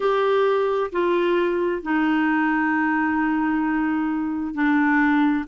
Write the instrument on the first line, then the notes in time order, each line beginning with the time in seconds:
clarinet
0.00 G4
0.92 F4
1.82 D#4
4.54 D4